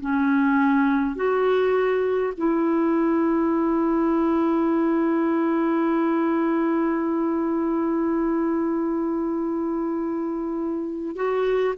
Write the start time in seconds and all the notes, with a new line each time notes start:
0.00 C#4
1.16 F#4
2.37 E4
11.16 F#4